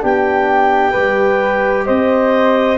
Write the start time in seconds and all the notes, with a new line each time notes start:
0.00 B3 D4 G4 G5
0.92 G3 G4 B4
1.86 C4 C5 D#5